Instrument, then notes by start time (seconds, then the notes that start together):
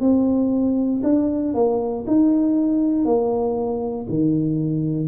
tuba
0.00 C4
1.04 D4
1.54 A#3
2.07 D#4
3.05 A#3
4.09 D#3